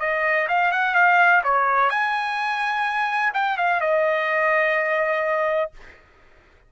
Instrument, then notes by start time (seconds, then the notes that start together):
trumpet
0.00 D#5
0.49 F5
0.72 F#5
0.95 F5
1.44 C#5
1.90 G#5
3.34 G5
3.58 F5
3.81 D#5